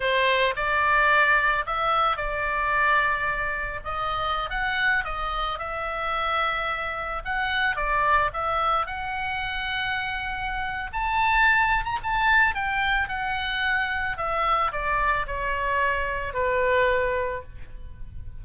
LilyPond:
\new Staff \with { instrumentName = "oboe" } { \time 4/4 \tempo 4 = 110 c''4 d''2 e''4 | d''2. dis''4~ | dis''16 fis''4 dis''4 e''4.~ e''16~ | e''4~ e''16 fis''4 d''4 e''8.~ |
e''16 fis''2.~ fis''8. | a''4.~ a''16 ais''16 a''4 g''4 | fis''2 e''4 d''4 | cis''2 b'2 | }